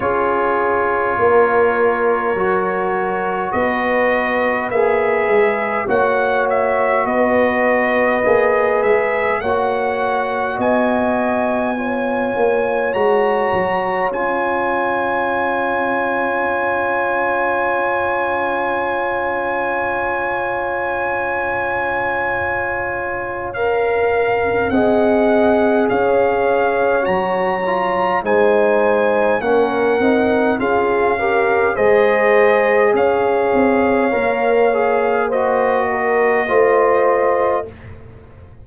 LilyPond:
<<
  \new Staff \with { instrumentName = "trumpet" } { \time 4/4 \tempo 4 = 51 cis''2. dis''4 | e''4 fis''8 e''8 dis''4. e''8 | fis''4 gis''2 ais''4 | gis''1~ |
gis''1 | f''4 fis''4 f''4 ais''4 | gis''4 fis''4 f''4 dis''4 | f''2 dis''2 | }
  \new Staff \with { instrumentName = "horn" } { \time 4/4 gis'4 ais'2 b'4~ | b'4 cis''4 b'2 | cis''4 dis''4 cis''2~ | cis''1~ |
cis''1~ | cis''4 dis''4 cis''2 | c''4 ais'4 gis'8 ais'8 c''4 | cis''2 c''8 ais'8 c''4 | }
  \new Staff \with { instrumentName = "trombone" } { \time 4/4 f'2 fis'2 | gis'4 fis'2 gis'4 | fis'2 f'4 fis'4 | f'1~ |
f'1 | ais'4 gis'2 fis'8 f'8 | dis'4 cis'8 dis'8 f'8 g'8 gis'4~ | gis'4 ais'8 gis'8 fis'4 f'4 | }
  \new Staff \with { instrumentName = "tuba" } { \time 4/4 cis'4 ais4 fis4 b4 | ais8 gis8 ais4 b4 ais8 gis8 | ais4 b4. ais8 gis8 fis8 | cis'1~ |
cis'1~ | cis'4 c'4 cis'4 fis4 | gis4 ais8 c'8 cis'4 gis4 | cis'8 c'8 ais2 a4 | }
>>